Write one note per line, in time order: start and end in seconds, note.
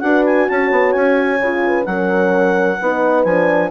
0.00 0.48 D4
0.00 1.39 F#4
0.00 0.49 B4
0.00 0.23 F#5
0.25 0.48 G#5
0.48 0.71 C#4
0.48 1.65 C#5
0.48 0.92 A5
0.71 0.94 B3
0.92 1.39 C#4
0.92 1.84 G#5
1.39 1.85 C#3
1.39 1.85 F4
1.66 1.88 B4
1.85 2.78 F#3
1.85 2.77 C#4
1.85 2.78 A#4
1.85 3.23 F#5
2.78 3.25 B3
2.78 3.27 D#4
2.78 3.70 B4
3.24 3.70 F3
3.24 3.70 D4
3.24 3.70 G#5